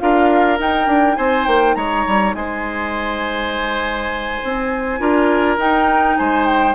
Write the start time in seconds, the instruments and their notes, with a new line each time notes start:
0.00 bassoon D4, clarinet F4, oboe A#4, flute F5
0.59 clarinet D#4, bassoon D#4, flute G5
0.87 bassoon D4
1.16 bassoon C4, oboe C5, flute G#5
1.46 bassoon A#3, flute G5
1.75 bassoon G#3, oboe C#5, flute A#5
2.07 bassoon G3
2.35 bassoon G#3, oboe C5, flute G#5
4.44 bassoon C4
5.00 bassoon D4, clarinet F4, oboe A#4
5.58 bassoon D#4, clarinet D#4, flute G5
6.18 bassoon G#3, oboe C5, flute G#5
6.46 flute G5